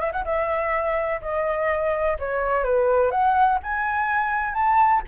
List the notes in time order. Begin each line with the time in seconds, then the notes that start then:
0.00 E5
0.12 F#5
0.24 E5
1.22 D#5
2.19 C#5
2.64 B4
3.11 F#5
3.63 G#5
4.54 A5